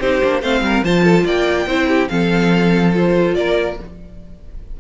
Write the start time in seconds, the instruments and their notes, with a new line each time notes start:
0.00 cello C4, viola D#4, violin G4 C5
0.24 cello A#3, viola D4
0.41 cello A3, viola C4, violin C5 F5
0.61 cello G3, violin A#4
0.83 cello F3, viola F4, violin C5 A5
1.03 violin A4
1.24 cello A#3, violin D5 G5
1.66 cello C4, viola E4, violin C5
1.88 violin G4
2.08 cello F3, viola C4, violin A4 F5
2.93 viola F4, violin C5
3.35 cello A#3, violin A#4 D5